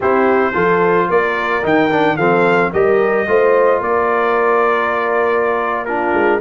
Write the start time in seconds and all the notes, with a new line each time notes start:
0.00 C4 E4 G4 C5
0.53 F3 F4 A4
1.09 A#3 A#4 D5
1.62 D#3 D#4 G5
1.90 D4
2.16 F3 C4 A4 F5
2.72 G3 G4 A#4 D#5
3.27 A3 F4 C5
3.80 A#3 A#4 D5
5.85 D4 F4 A#4
6.13 G#3